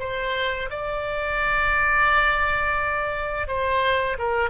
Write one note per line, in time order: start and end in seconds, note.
0.00 0.70 C5
0.70 3.48 D5
3.48 4.17 C5
4.19 4.50 A#4